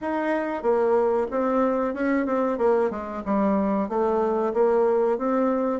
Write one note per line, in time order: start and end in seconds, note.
0.01 0.62 D#4
0.62 1.27 A#3
1.30 1.94 C4
1.94 2.26 C#4
2.26 2.58 C4
2.58 2.90 A#3
2.90 3.23 G#3
3.25 3.89 G3
3.89 4.53 A3
4.53 5.18 A#3
5.18 5.80 C4